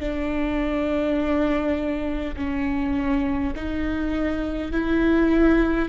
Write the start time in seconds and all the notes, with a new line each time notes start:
0.00 D4
2.37 C#4
3.56 D#4
4.72 E4